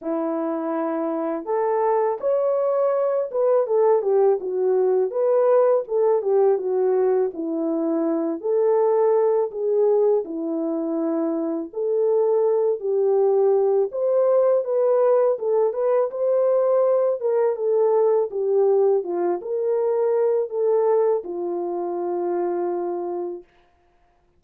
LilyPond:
\new Staff \with { instrumentName = "horn" } { \time 4/4 \tempo 4 = 82 e'2 a'4 cis''4~ | cis''8 b'8 a'8 g'8 fis'4 b'4 | a'8 g'8 fis'4 e'4. a'8~ | a'4 gis'4 e'2 |
a'4. g'4. c''4 | b'4 a'8 b'8 c''4. ais'8 | a'4 g'4 f'8 ais'4. | a'4 f'2. | }